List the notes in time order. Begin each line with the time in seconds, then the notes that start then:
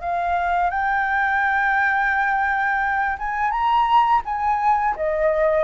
0.00 F5
0.70 G5
3.18 G#5
3.50 A#5
4.24 G#5
4.96 D#5